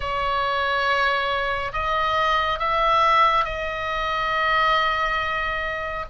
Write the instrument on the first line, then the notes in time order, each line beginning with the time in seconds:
oboe
0.00 C#5
1.72 D#5
2.59 E5
3.44 D#5